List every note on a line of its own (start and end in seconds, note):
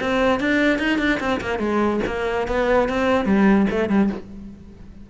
0.00 0.39 C4
0.39 0.78 D4
0.78 0.98 D#4
0.98 1.19 D4
1.20 1.40 C4
1.40 1.59 A#3
1.59 2.00 G#3
2.06 2.47 A#3
2.47 2.88 B3
2.88 3.25 C4
3.25 3.66 G3
3.70 3.89 A3
3.89 4.09 G3